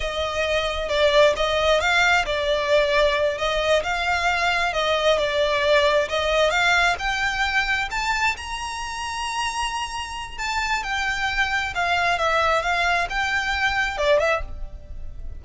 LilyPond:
\new Staff \with { instrumentName = "violin" } { \time 4/4 \tempo 4 = 133 dis''2 d''4 dis''4 | f''4 d''2~ d''8 dis''8~ | dis''8 f''2 dis''4 d''8~ | d''4. dis''4 f''4 g''8~ |
g''4. a''4 ais''4.~ | ais''2. a''4 | g''2 f''4 e''4 | f''4 g''2 d''8 e''8 | }